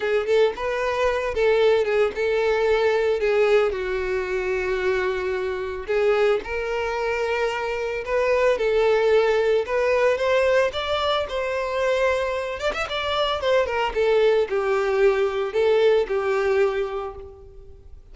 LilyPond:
\new Staff \with { instrumentName = "violin" } { \time 4/4 \tempo 4 = 112 gis'8 a'8 b'4. a'4 gis'8 | a'2 gis'4 fis'4~ | fis'2. gis'4 | ais'2. b'4 |
a'2 b'4 c''4 | d''4 c''2~ c''8 d''16 e''16 | d''4 c''8 ais'8 a'4 g'4~ | g'4 a'4 g'2 | }